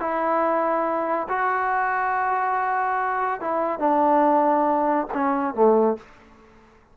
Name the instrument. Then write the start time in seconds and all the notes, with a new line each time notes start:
trombone
0.00 E4
1.29 F#4
3.41 E4
3.79 D4
5.14 C#4
5.54 A3